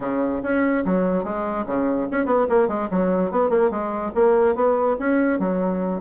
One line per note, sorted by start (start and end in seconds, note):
0.00 0.41 C#3
0.42 0.84 C#4
0.85 1.23 F#3
1.23 1.65 G#3
1.66 2.07 C#3
2.11 2.25 C#4
2.25 2.46 B3
2.49 2.67 A#3
2.67 2.88 G#3
2.90 3.31 F#3
3.31 3.49 B3
3.49 3.70 A#3
3.70 4.11 G#3
4.15 4.55 A#3
4.55 4.96 B3
4.99 5.39 C#4
5.39 6.01 F#3